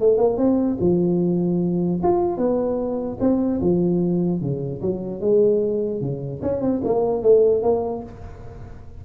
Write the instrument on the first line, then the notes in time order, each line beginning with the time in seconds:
tuba
0.00 A3
0.18 A#3
0.37 C4
0.80 F3
2.03 F4
2.37 B3
3.20 C4
3.61 F3
4.41 C#3
4.81 F#3
5.21 G#3
6.01 C#3
6.42 C#4
6.61 C4
6.84 A#3
7.23 A3
7.63 A#3